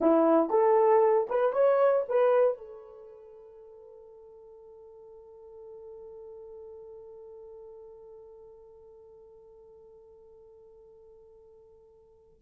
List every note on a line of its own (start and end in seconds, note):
0.00 0.50 E4
0.50 1.27 A4
1.29 1.53 B4
1.53 2.04 C#5
2.08 2.57 B4
2.57 12.40 A4